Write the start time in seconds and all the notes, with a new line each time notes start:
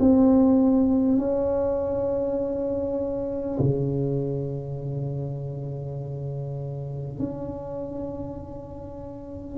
0.00 C4
1.18 C#4
3.59 C#3
7.19 C#4